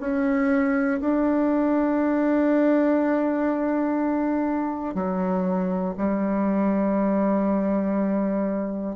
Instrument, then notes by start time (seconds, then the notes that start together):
bassoon
0.00 C#4
1.00 D4
4.95 F#3
5.97 G3